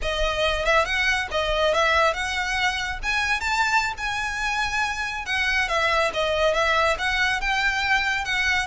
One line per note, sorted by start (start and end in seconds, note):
0.02 0.65 D#5
0.65 0.85 E5
0.85 1.28 F#5
1.31 1.74 D#5
1.74 2.13 E5
2.13 2.99 F#5
3.02 3.40 G#5
3.40 3.93 A5
3.97 5.25 G#5
5.25 5.68 F#5
5.68 6.11 E5
6.13 6.54 D#5
6.54 6.96 E5
6.98 7.40 F#5
7.40 8.24 G5
8.24 8.66 F#5